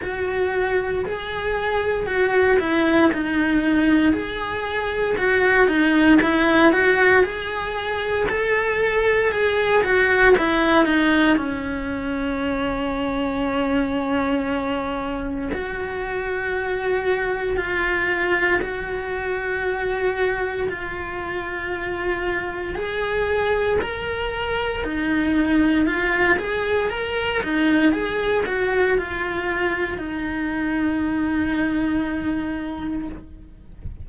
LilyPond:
\new Staff \with { instrumentName = "cello" } { \time 4/4 \tempo 4 = 58 fis'4 gis'4 fis'8 e'8 dis'4 | gis'4 fis'8 dis'8 e'8 fis'8 gis'4 | a'4 gis'8 fis'8 e'8 dis'8 cis'4~ | cis'2. fis'4~ |
fis'4 f'4 fis'2 | f'2 gis'4 ais'4 | dis'4 f'8 gis'8 ais'8 dis'8 gis'8 fis'8 | f'4 dis'2. | }